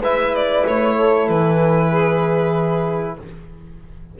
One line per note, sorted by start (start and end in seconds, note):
0.00 0.63 G#3
0.00 3.19 E4
0.00 0.95 B4
0.00 0.35 E5
0.35 0.66 D5
0.66 1.29 A3
0.66 1.29 C#5
0.95 1.90 A4
1.29 3.18 E3
1.29 3.18 B4
1.90 3.16 G#4